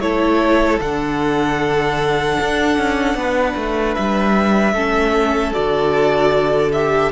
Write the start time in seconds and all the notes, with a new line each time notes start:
0.00 A3 E4 A4 C#5
0.80 D3 D4 F#5
2.40 D4
2.78 C#4
3.15 B3 B4
3.56 A3
3.95 G3 E5
4.73 A3 C#4 A4
5.53 D3 F#4 D5
6.73 G4 E5